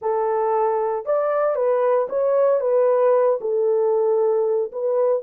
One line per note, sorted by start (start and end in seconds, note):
0.01 1.05 A4
1.05 1.55 D5
1.55 2.07 B4
2.09 2.60 C#5
2.60 3.38 B4
3.40 4.71 A4
4.71 5.22 B4